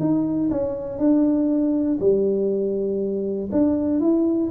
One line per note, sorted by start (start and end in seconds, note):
0.00 0.50 D#4
0.51 0.99 C#4
0.99 1.99 D4
2.00 3.50 G3
3.52 4.00 D4
4.00 4.50 E4